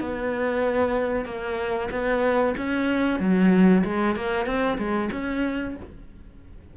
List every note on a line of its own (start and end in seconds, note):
0.00 1.25 B3
1.25 1.89 A#3
1.91 2.54 B3
2.57 3.19 C#4
3.19 3.83 F#3
3.84 4.16 G#3
4.16 4.46 A#3
4.46 4.78 C4
4.78 5.09 G#3
5.12 5.76 C#4